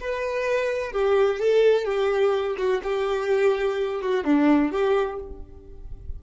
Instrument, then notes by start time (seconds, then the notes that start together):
violin
0.00 B4
0.92 G4
1.39 A4
1.85 G4
2.58 F#4
2.83 G4
4.02 F#4
4.24 D4
4.71 G4